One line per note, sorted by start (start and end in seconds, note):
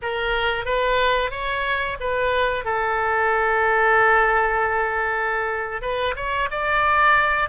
0.02 0.65 A#4
0.65 1.30 B4
1.30 1.97 C#5
2.00 2.65 B4
2.65 5.81 A4
5.81 6.15 B4
6.15 6.49 C#5
6.50 7.49 D5